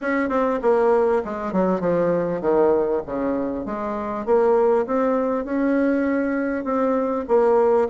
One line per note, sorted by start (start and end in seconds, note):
0.01 0.29 C#4
0.29 0.59 C4
0.61 1.22 A#3
1.25 1.52 G#3
1.52 1.80 F#3
1.80 2.41 F3
2.41 3.01 D#3
3.06 3.65 C#3
3.65 4.25 G#3
4.25 4.86 A#3
4.86 5.45 C4
5.45 6.64 C#4
6.64 7.25 C4
7.28 7.88 A#3